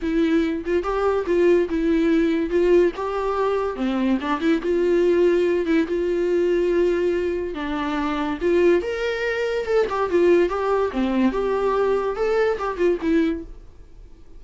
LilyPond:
\new Staff \with { instrumentName = "viola" } { \time 4/4 \tempo 4 = 143 e'4. f'8 g'4 f'4 | e'2 f'4 g'4~ | g'4 c'4 d'8 e'8 f'4~ | f'4. e'8 f'2~ |
f'2 d'2 | f'4 ais'2 a'8 g'8 | f'4 g'4 c'4 g'4~ | g'4 a'4 g'8 f'8 e'4 | }